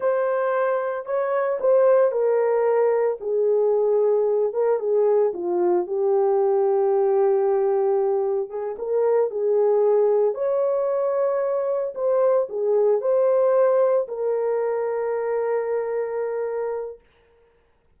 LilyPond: \new Staff \with { instrumentName = "horn" } { \time 4/4 \tempo 4 = 113 c''2 cis''4 c''4 | ais'2 gis'2~ | gis'8 ais'8 gis'4 f'4 g'4~ | g'1 |
gis'8 ais'4 gis'2 cis''8~ | cis''2~ cis''8 c''4 gis'8~ | gis'8 c''2 ais'4.~ | ais'1 | }